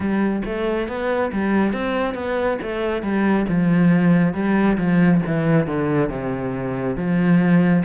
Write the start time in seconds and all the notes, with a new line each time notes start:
0.00 G3
0.45 A3
0.87 B3
1.32 G3
1.72 C4
2.14 B3
2.61 A3
3.02 G3
3.48 F3
4.33 G3
4.77 F3
5.26 E3
5.66 D3
6.09 C3
6.96 F3